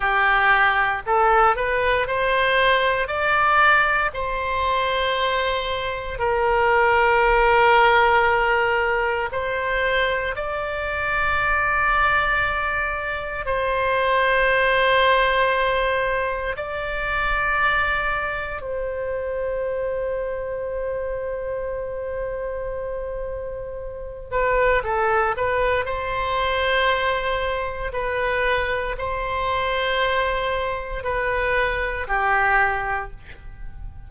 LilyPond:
\new Staff \with { instrumentName = "oboe" } { \time 4/4 \tempo 4 = 58 g'4 a'8 b'8 c''4 d''4 | c''2 ais'2~ | ais'4 c''4 d''2~ | d''4 c''2. |
d''2 c''2~ | c''2.~ c''8 b'8 | a'8 b'8 c''2 b'4 | c''2 b'4 g'4 | }